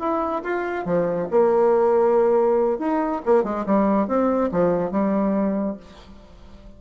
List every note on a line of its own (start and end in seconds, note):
0.00 0.43 E4
0.44 0.86 F4
0.86 1.28 F3
1.31 2.79 A#3
2.79 3.22 D#4
3.26 3.44 A#3
3.44 3.65 G#3
3.66 4.08 G3
4.08 4.51 C4
4.52 4.91 F3
4.91 5.77 G3